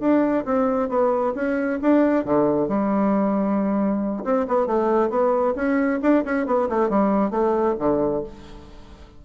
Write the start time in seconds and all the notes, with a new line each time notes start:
0.00 D4
0.45 C4
0.89 B3
1.35 C#4
1.82 D4
2.25 D3
2.68 G3
4.24 C4
4.48 B3
4.67 A3
5.10 B3
5.56 C#4
6.02 D4
6.25 C#4
6.46 B3
6.69 A3
6.90 G3
7.31 A3
7.79 D3